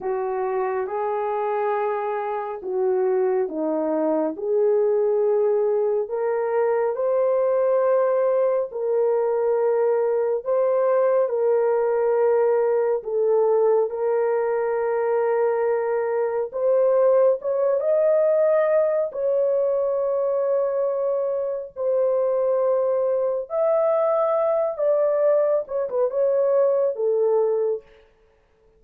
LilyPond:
\new Staff \with { instrumentName = "horn" } { \time 4/4 \tempo 4 = 69 fis'4 gis'2 fis'4 | dis'4 gis'2 ais'4 | c''2 ais'2 | c''4 ais'2 a'4 |
ais'2. c''4 | cis''8 dis''4. cis''2~ | cis''4 c''2 e''4~ | e''8 d''4 cis''16 b'16 cis''4 a'4 | }